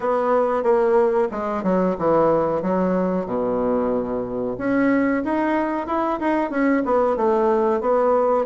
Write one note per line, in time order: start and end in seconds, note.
0.00 0.63 B3
0.63 1.28 A#3
1.31 1.63 G#3
1.63 1.96 F#3
1.98 2.61 E3
2.61 3.25 F#3
3.25 4.56 B2
4.57 5.23 C#4
5.24 5.86 D#4
5.86 6.19 E4
6.20 6.50 D#4
6.50 6.82 C#4
6.85 7.16 B3
7.16 7.80 A3
7.80 8.45 B3